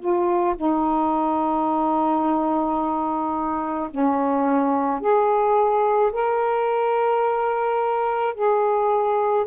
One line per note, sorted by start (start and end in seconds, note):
0.00 0.56 F4
0.57 3.90 D#4
3.91 5.01 C#4
5.01 6.12 G#4
6.13 8.35 A#4
8.35 9.46 G#4